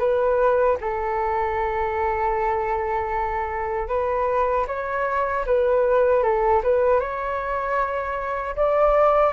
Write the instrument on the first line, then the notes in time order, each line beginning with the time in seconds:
flute
0.00 B4
0.81 A4
3.89 B4
4.68 C#5
5.47 B4
6.23 A4
6.63 B4
7.00 C#5
8.56 D5